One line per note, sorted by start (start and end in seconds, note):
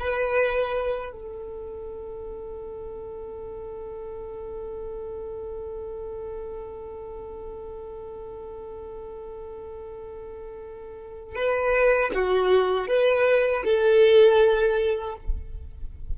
0.00 1.13 B4
1.13 11.36 A4
11.36 12.12 B4
12.14 12.88 F#4
12.88 13.64 B4
13.64 15.16 A4